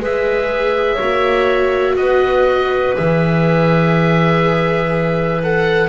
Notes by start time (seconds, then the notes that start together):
0.00 G#3 G#4 B4 E5
0.94 F#4 C#5
1.01 A#3
1.96 B3 B4 D#5
2.96 E3 G#4 E5
5.42 A4 F#5